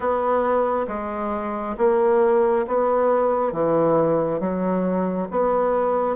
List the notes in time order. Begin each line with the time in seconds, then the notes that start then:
0.00 B3
0.87 G#3
1.77 A#3
2.67 B3
3.52 E3
4.40 F#3
5.31 B3